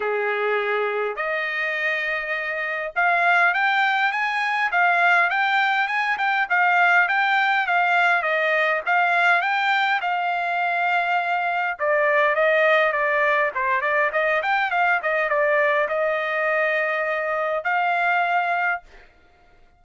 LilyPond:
\new Staff \with { instrumentName = "trumpet" } { \time 4/4 \tempo 4 = 102 gis'2 dis''2~ | dis''4 f''4 g''4 gis''4 | f''4 g''4 gis''8 g''8 f''4 | g''4 f''4 dis''4 f''4 |
g''4 f''2. | d''4 dis''4 d''4 c''8 d''8 | dis''8 g''8 f''8 dis''8 d''4 dis''4~ | dis''2 f''2 | }